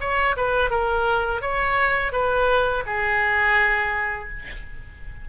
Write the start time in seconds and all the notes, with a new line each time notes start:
0.00 C#5
0.37 B4
0.70 A#4
1.41 C#5
2.12 B4
2.86 G#4